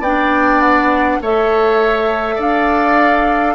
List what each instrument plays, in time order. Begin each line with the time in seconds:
0.00 bassoon B3, clarinet D4, oboe D5, flute G5
0.62 flute F#5
1.21 bassoon A3, clarinet A4, oboe C#5, flute E5
2.36 bassoon D4, oboe D5, flute F5